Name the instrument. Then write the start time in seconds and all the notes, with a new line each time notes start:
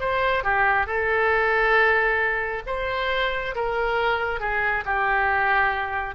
oboe
0.00 C5
0.44 G4
0.87 A4
2.67 C5
3.55 A#4
4.40 G#4
4.85 G4